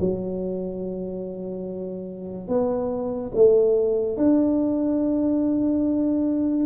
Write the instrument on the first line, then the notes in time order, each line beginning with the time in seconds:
tuba
0.00 F#3
2.48 B3
3.35 A3
4.17 D4